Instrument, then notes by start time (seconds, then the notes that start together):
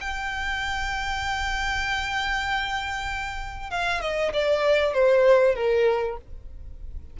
violin
0.00 G5
3.70 F5
4.01 D#5
4.33 D5
4.93 C5
5.55 A#4